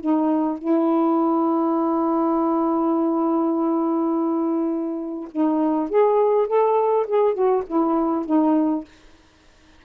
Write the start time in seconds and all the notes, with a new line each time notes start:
0.00 D#4
0.58 E4
5.31 D#4
5.89 G#4
6.47 A4
7.07 G#4
7.34 F#4
7.66 E4
8.25 D#4